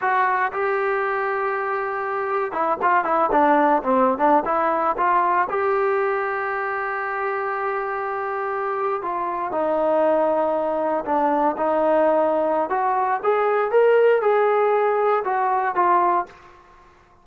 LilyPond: \new Staff \with { instrumentName = "trombone" } { \time 4/4 \tempo 4 = 118 fis'4 g'2.~ | g'4 e'8 f'8 e'8 d'4 c'8~ | c'16 d'8 e'4 f'4 g'4~ g'16~ | g'1~ |
g'4.~ g'16 f'4 dis'4~ dis'16~ | dis'4.~ dis'16 d'4 dis'4~ dis'16~ | dis'4 fis'4 gis'4 ais'4 | gis'2 fis'4 f'4 | }